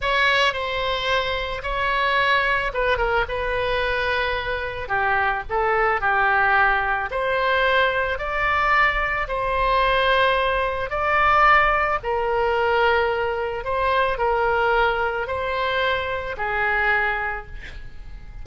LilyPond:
\new Staff \with { instrumentName = "oboe" } { \time 4/4 \tempo 4 = 110 cis''4 c''2 cis''4~ | cis''4 b'8 ais'8 b'2~ | b'4 g'4 a'4 g'4~ | g'4 c''2 d''4~ |
d''4 c''2. | d''2 ais'2~ | ais'4 c''4 ais'2 | c''2 gis'2 | }